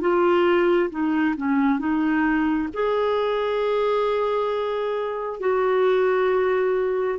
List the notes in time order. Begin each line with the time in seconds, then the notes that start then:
0.00 F4
0.90 D#4
1.36 C#4
1.79 D#4
2.73 G#4
5.39 F#4